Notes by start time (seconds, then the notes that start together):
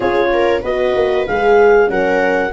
0.00 C#4 F4 G#4 C#5
0.32 A#4
0.62 B3 F#4 B4 D#5
0.95 A#3
1.27 G#3 G#4 F5
1.87 F#3 C#4 A#4 F#5